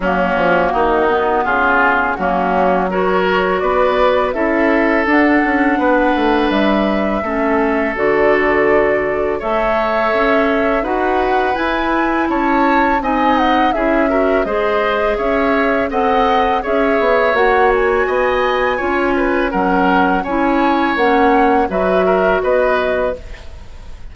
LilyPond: <<
  \new Staff \with { instrumentName = "flute" } { \time 4/4 \tempo 4 = 83 fis'2 gis'4 fis'4 | cis''4 d''4 e''4 fis''4~ | fis''4 e''2 d''4~ | d''4 e''2 fis''4 |
gis''4 a''4 gis''8 fis''8 e''4 | dis''4 e''4 fis''4 e''4 | fis''8 gis''2~ gis''8 fis''4 | gis''4 fis''4 e''4 dis''4 | }
  \new Staff \with { instrumentName = "oboe" } { \time 4/4 cis'4 dis'4 f'4 cis'4 | ais'4 b'4 a'2 | b'2 a'2~ | a'4 cis''2 b'4~ |
b'4 cis''4 dis''4 gis'8 ais'8 | c''4 cis''4 dis''4 cis''4~ | cis''4 dis''4 cis''8 b'8 ais'4 | cis''2 b'8 ais'8 b'4 | }
  \new Staff \with { instrumentName = "clarinet" } { \time 4/4 ais4. b4. ais4 | fis'2 e'4 d'4~ | d'2 cis'4 fis'4~ | fis'4 a'2 fis'4 |
e'2 dis'4 e'8 fis'8 | gis'2 a'4 gis'4 | fis'2 f'4 cis'4 | e'4 cis'4 fis'2 | }
  \new Staff \with { instrumentName = "bassoon" } { \time 4/4 fis8 f8 dis4 cis4 fis4~ | fis4 b4 cis'4 d'8 cis'8 | b8 a8 g4 a4 d4~ | d4 a4 cis'4 dis'4 |
e'4 cis'4 c'4 cis'4 | gis4 cis'4 c'4 cis'8 b8 | ais4 b4 cis'4 fis4 | cis'4 ais4 fis4 b4 | }
>>